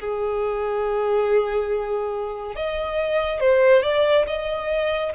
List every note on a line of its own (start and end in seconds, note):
0.00 2.55 G#4
2.55 3.40 D#5
3.40 3.83 C5
3.83 4.25 D5
4.27 5.13 D#5